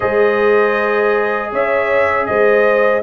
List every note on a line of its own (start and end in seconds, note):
0.00 1.52 G#3
0.00 3.02 G#4
0.00 1.50 C5
0.00 1.52 D#5
1.51 2.28 C#4
1.51 2.27 C#5
1.51 2.26 E5
2.26 3.03 G#3
2.26 3.03 C5
2.26 3.02 D#5